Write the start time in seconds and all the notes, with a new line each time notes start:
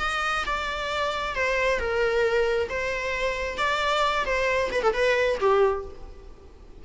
0.00 D#5
0.46 D5
1.36 C5
1.80 A#4
2.70 C5
3.58 D5
4.26 C5
4.72 B4
4.83 A4
4.94 B4
5.40 G4